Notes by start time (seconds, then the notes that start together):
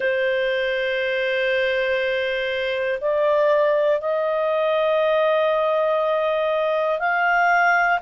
0.00 C5
3.00 D5
4.00 D#5
6.99 F5